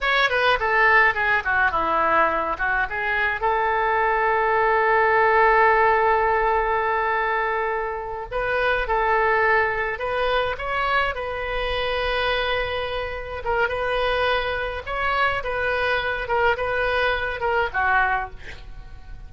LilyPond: \new Staff \with { instrumentName = "oboe" } { \time 4/4 \tempo 4 = 105 cis''8 b'8 a'4 gis'8 fis'8 e'4~ | e'8 fis'8 gis'4 a'2~ | a'1~ | a'2~ a'8 b'4 a'8~ |
a'4. b'4 cis''4 b'8~ | b'2.~ b'8 ais'8 | b'2 cis''4 b'4~ | b'8 ais'8 b'4. ais'8 fis'4 | }